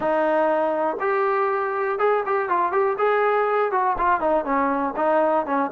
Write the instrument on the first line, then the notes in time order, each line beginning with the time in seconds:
trombone
0.00 D#4
1.00 G4
1.99 G#4
2.26 G4
2.49 F4
2.72 G4
2.98 G#4
3.71 F#4
3.98 F4
4.20 D#4
4.44 C#4
4.96 D#4
5.46 C#4